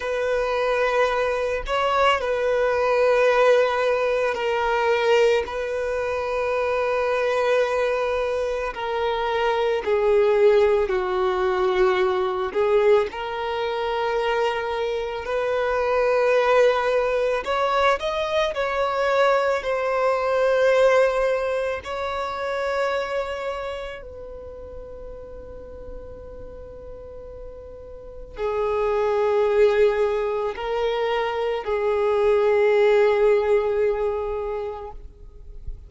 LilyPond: \new Staff \with { instrumentName = "violin" } { \time 4/4 \tempo 4 = 55 b'4. cis''8 b'2 | ais'4 b'2. | ais'4 gis'4 fis'4. gis'8 | ais'2 b'2 |
cis''8 dis''8 cis''4 c''2 | cis''2 b'2~ | b'2 gis'2 | ais'4 gis'2. | }